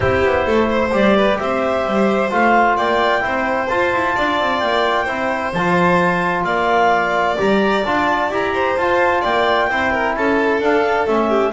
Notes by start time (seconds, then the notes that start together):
0.00 C4 E4 G4 C5
0.24 B3
0.45 A3 A4
0.70 C5
0.91 G3 G4 D5
1.16 B4
1.38 C4 C5 E5
1.86 G3
2.30 A3 F4 F5
2.76 A#3 D5 G5
3.21 C4 E4 C5
3.69 F4 A5
3.92 E4
4.15 D4 D5
4.40 C4
4.59 A#3 G5
5.04 C4 E4 C5
5.53 F3 F4 A5
6.43 A#3 D5 F5
7.37 G3 G4 A#5
7.84 D4 F4 A5
8.29 E4 G4 A#5
8.54 C5
8.76 F4 A5
9.21 A#3 D5 G5
9.69 C4 E4 C5
9.92 A#4
10.15 C#4 A4 A5
10.60 D4 F5
11.06 A3 C#4 E5
11.29 G4